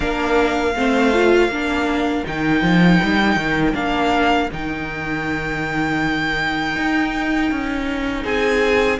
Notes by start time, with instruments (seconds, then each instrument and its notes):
0.00 cello A#3, viola D4, violin A#4 F5
0.75 cello A3, viola C4, violin C5
1.13 viola F4
1.48 cello A#3, viola D4, violin A#4
2.25 cello D#3, viola D#4, violin G5
2.61 cello F3
3.03 cello G3
3.36 cello D#3
3.73 cello A#3, viola D4, violin F5
4.51 cello D#3, viola D#4, violin G5
6.76 cello D#4
7.51 cello C#4
8.24 cello C4, violin G#4 G#5